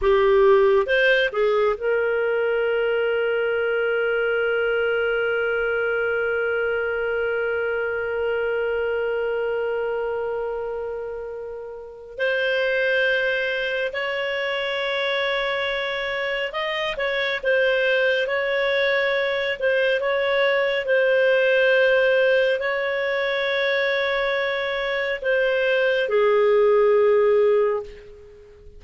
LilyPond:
\new Staff \with { instrumentName = "clarinet" } { \time 4/4 \tempo 4 = 69 g'4 c''8 gis'8 ais'2~ | ais'1~ | ais'1~ | ais'2 c''2 |
cis''2. dis''8 cis''8 | c''4 cis''4. c''8 cis''4 | c''2 cis''2~ | cis''4 c''4 gis'2 | }